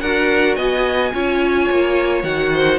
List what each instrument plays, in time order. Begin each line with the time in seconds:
0.00 cello D4, viola F#4, violin A#4 F#5
0.55 cello B3, violin D#5 G#5
1.13 cello C#4, viola F4, violin C#5
1.70 cello A#3
2.23 cello D#3, viola F#4, violin F#5
2.53 violin C5